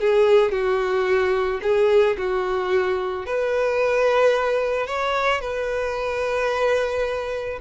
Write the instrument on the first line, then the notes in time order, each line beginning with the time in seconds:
violin
0.00 G#4
0.51 F#4
1.62 G#4
2.18 F#4
3.26 B4
4.87 C#5
5.41 B4